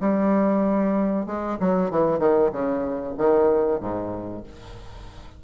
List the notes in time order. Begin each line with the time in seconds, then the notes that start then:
0.00 G3
1.26 G#3
1.60 F#3
1.90 E3
2.19 D#3
2.52 C#3
3.17 D#3
3.80 G#2